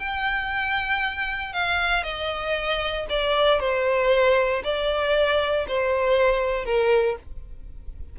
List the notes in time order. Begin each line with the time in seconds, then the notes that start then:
0.00 G5
1.53 F5
2.04 D#5
3.10 D5
3.60 C5
4.64 D5
5.68 C5
6.65 A#4